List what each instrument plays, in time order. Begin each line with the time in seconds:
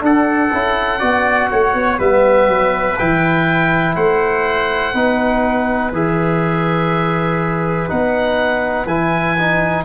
0.00 trombone D4, tuba D4, trumpet A4, oboe F#5
0.53 tuba C#4, trombone E4
1.00 tuba B3, trombone F#4, trumpet D5
1.52 tuba A3, trumpet C#5
1.74 tuba B3
1.99 tuba G3, trombone B3, trumpet B4, oboe E5
2.48 tuba F#3
2.99 tuba E3, trombone E4, oboe G5
3.96 tuba A3, trumpet C5, oboe F#5
4.94 tuba B3, trombone D#4, trumpet B4
5.92 tuba E3, trombone G#4, oboe E5
7.89 tuba B3, trombone D#4, oboe F#5
8.86 tuba E3, trombone E4, oboe G#5
9.38 trombone D#4